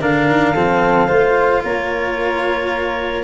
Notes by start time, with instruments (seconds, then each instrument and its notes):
0.00 tuba D3, cello D4, flute A#4, clarinet F5
0.27 tuba D#3
0.54 tuba F3, cello C4, flute A4
1.07 tuba A3, cello F4, flute C5
1.64 tuba A#3, flute A#4, clarinet C#5